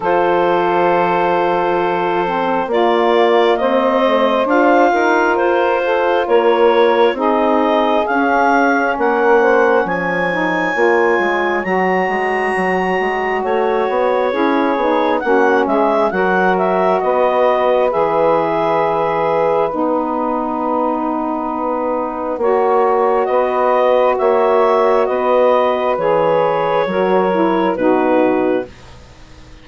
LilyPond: <<
  \new Staff \with { instrumentName = "clarinet" } { \time 4/4 \tempo 4 = 67 c''2. d''4 | dis''4 f''4 c''4 cis''4 | dis''4 f''4 fis''4 gis''4~ | gis''4 ais''2 cis''4~ |
cis''4 fis''8 e''8 fis''8 e''8 dis''4 | e''2 fis''2~ | fis''2 dis''4 e''4 | dis''4 cis''2 b'4 | }
  \new Staff \with { instrumentName = "saxophone" } { \time 4/4 a'2. f'4 | c''4. ais'4 a'8 ais'4 | gis'2 ais'8 c''8 cis''4~ | cis''1 |
gis'4 fis'8 gis'8 ais'4 b'4~ | b'1~ | b'4 cis''4 b'4 cis''4 | b'2 ais'4 fis'4 | }
  \new Staff \with { instrumentName = "saxophone" } { \time 4/4 f'2~ f'8 c'8 ais4~ | ais8 a8 f'2. | dis'4 cis'2~ cis'8 dis'8 | f'4 fis'2. |
e'8 dis'8 cis'4 fis'2 | gis'2 dis'2~ | dis'4 fis'2.~ | fis'4 gis'4 fis'8 e'8 dis'4 | }
  \new Staff \with { instrumentName = "bassoon" } { \time 4/4 f2. ais4 | c'4 d'8 dis'8 f'4 ais4 | c'4 cis'4 ais4 f4 | ais8 gis8 fis8 gis8 fis8 gis8 a8 b8 |
cis'8 b8 ais8 gis8 fis4 b4 | e2 b2~ | b4 ais4 b4 ais4 | b4 e4 fis4 b,4 | }
>>